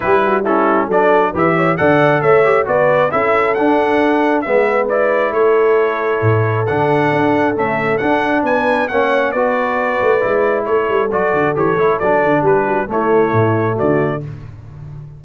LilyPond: <<
  \new Staff \with { instrumentName = "trumpet" } { \time 4/4 \tempo 4 = 135 b'4 a'4 d''4 e''4 | fis''4 e''4 d''4 e''4 | fis''2 e''4 d''4 | cis''2. fis''4~ |
fis''4 e''4 fis''4 gis''4 | fis''4 d''2. | cis''4 d''4 cis''4 d''4 | b'4 cis''2 d''4 | }
  \new Staff \with { instrumentName = "horn" } { \time 4/4 g'8 fis'8 e'4 a'4 b'8 cis''8 | d''4 cis''4 b'4 a'4~ | a'2 b'2 | a'1~ |
a'2. b'4 | cis''4 b'2. | a'1 | g'8 fis'8 e'2 fis'4 | }
  \new Staff \with { instrumentName = "trombone" } { \time 4/4 e'4 cis'4 d'4 g'4 | a'4. g'8 fis'4 e'4 | d'2 b4 e'4~ | e'2. d'4~ |
d'4 a4 d'2 | cis'4 fis'2 e'4~ | e'4 fis'4 g'8 e'8 d'4~ | d'4 a2. | }
  \new Staff \with { instrumentName = "tuba" } { \time 4/4 g2 fis4 e4 | d4 a4 b4 cis'4 | d'2 gis2 | a2 a,4 d4 |
d'4 cis'4 d'4 b4 | ais4 b4. a8 gis4 | a8 g8 fis8 d8 e8 a8 fis8 d8 | g4 a4 a,4 d4 | }
>>